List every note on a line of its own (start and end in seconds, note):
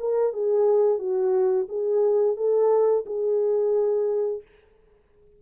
0.00 0.33 A#4
0.33 0.99 G#4
0.99 1.67 F#4
1.69 2.37 G#4
2.37 3.05 A4
3.06 4.43 G#4